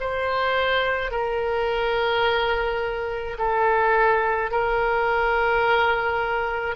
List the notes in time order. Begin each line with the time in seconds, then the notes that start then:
0.00 C5
1.11 A#4
3.38 A4
4.51 A#4